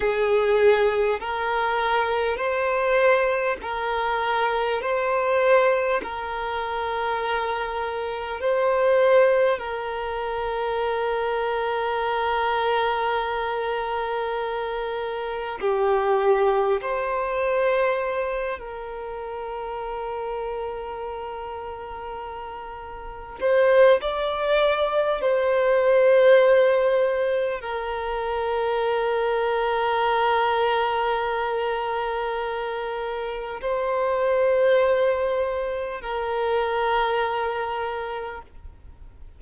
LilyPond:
\new Staff \with { instrumentName = "violin" } { \time 4/4 \tempo 4 = 50 gis'4 ais'4 c''4 ais'4 | c''4 ais'2 c''4 | ais'1~ | ais'4 g'4 c''4. ais'8~ |
ais'2.~ ais'8 c''8 | d''4 c''2 ais'4~ | ais'1 | c''2 ais'2 | }